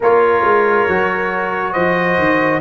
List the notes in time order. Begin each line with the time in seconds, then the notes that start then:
0.00 A#3 F4 A#4 C#5
0.43 G#3
0.88 F#3 F#4
1.72 F3 C5 D#5
2.18 D#3